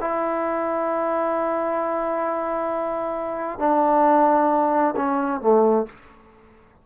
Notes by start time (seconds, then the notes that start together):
0.00 E4
3.59 D4
4.96 C#4
5.41 A3